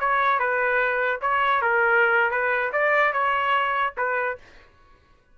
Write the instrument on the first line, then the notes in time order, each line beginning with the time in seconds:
trumpet
0.00 C#5
0.39 B4
1.21 C#5
1.62 A#4
2.31 B4
2.72 D5
3.13 C#5
3.97 B4